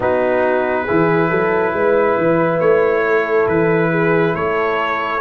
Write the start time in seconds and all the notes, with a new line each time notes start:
0.00 B3 D#4 F#4 B4
0.84 E3 E4 G#4
1.29 F#3 A4
1.73 G#3 B4
2.17 E3
2.60 A3 C#5
3.05 A4
3.47 E3 B4
3.90 G#4
4.33 A3 A4 C#5